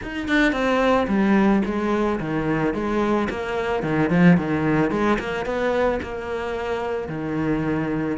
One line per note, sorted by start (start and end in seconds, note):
0.02 0.28 D#4
0.28 0.52 D4
0.52 1.06 C4
1.07 1.62 G3
1.65 2.19 G#3
2.20 2.73 D#3
2.73 3.28 G#3
3.30 3.82 A#3
3.82 4.09 D#3
4.09 4.37 F3
4.37 4.90 D#3
4.90 5.18 G#3
5.19 5.45 A#3
5.45 6.00 B3
6.02 7.08 A#3
7.08 8.17 D#3